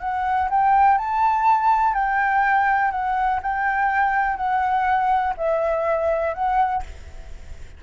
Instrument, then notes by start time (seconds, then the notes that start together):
flute
0.00 F#5
0.50 G5
0.98 A5
1.94 G5
2.91 F#5
3.42 G5
4.36 F#5
5.37 E5
6.34 F#5